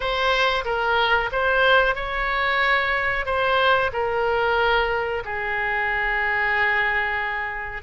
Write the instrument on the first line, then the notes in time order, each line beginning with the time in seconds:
oboe
0.00 C5
0.65 A#4
1.32 C5
1.95 C#5
3.25 C5
3.92 A#4
5.24 G#4